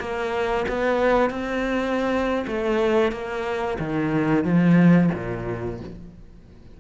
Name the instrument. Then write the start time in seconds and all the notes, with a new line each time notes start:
cello
0.00 A#3
0.68 B3
1.30 C4
2.47 A3
3.12 A#3
3.79 D#3
4.44 F3
5.14 A#2